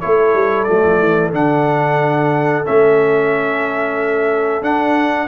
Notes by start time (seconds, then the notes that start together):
0.00 A3 E4 A4 C#5
0.33 G3
0.63 F#3 A3 D5
0.84 F3
0.99 E3
1.32 D3 D4 F#5
2.64 A3 C#4 E5
4.61 D4 F#5